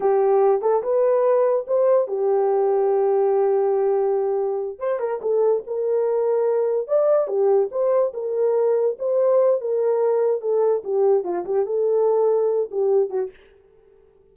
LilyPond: \new Staff \with { instrumentName = "horn" } { \time 4/4 \tempo 4 = 144 g'4. a'8 b'2 | c''4 g'2.~ | g'2.~ g'8 c''8 | ais'8 a'4 ais'2~ ais'8~ |
ais'8 d''4 g'4 c''4 ais'8~ | ais'4. c''4. ais'4~ | ais'4 a'4 g'4 f'8 g'8 | a'2~ a'8 g'4 fis'8 | }